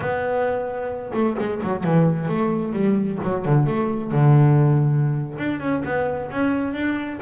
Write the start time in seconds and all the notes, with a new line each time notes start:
0.00 B3
1.13 A3
1.39 G#3
1.63 F#3
1.83 E3
2.28 A3
2.73 G3
3.23 F#3
3.45 D3
3.66 A3
4.11 D3
5.38 D4
5.60 C#4
5.84 B3
6.30 C#4
6.73 D4